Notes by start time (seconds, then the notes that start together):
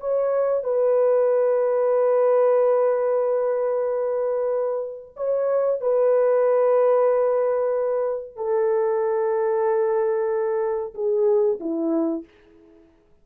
0.00 C#5
0.63 B4
5.16 C#5
5.81 B4
8.36 A4
10.94 G#4
11.60 E4